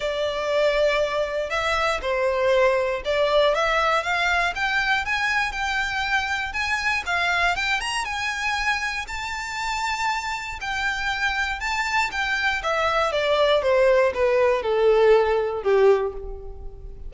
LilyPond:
\new Staff \with { instrumentName = "violin" } { \time 4/4 \tempo 4 = 119 d''2. e''4 | c''2 d''4 e''4 | f''4 g''4 gis''4 g''4~ | g''4 gis''4 f''4 g''8 ais''8 |
gis''2 a''2~ | a''4 g''2 a''4 | g''4 e''4 d''4 c''4 | b'4 a'2 g'4 | }